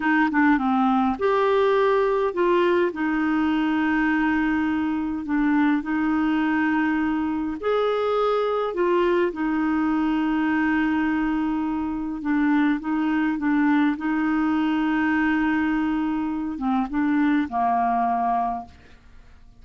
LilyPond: \new Staff \with { instrumentName = "clarinet" } { \time 4/4 \tempo 4 = 103 dis'8 d'8 c'4 g'2 | f'4 dis'2.~ | dis'4 d'4 dis'2~ | dis'4 gis'2 f'4 |
dis'1~ | dis'4 d'4 dis'4 d'4 | dis'1~ | dis'8 c'8 d'4 ais2 | }